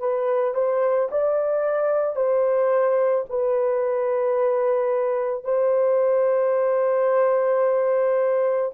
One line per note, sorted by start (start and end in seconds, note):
0.00 0.55 B4
0.55 1.09 C5
1.11 2.16 D5
2.16 3.25 C5
3.30 5.44 B4
5.44 8.72 C5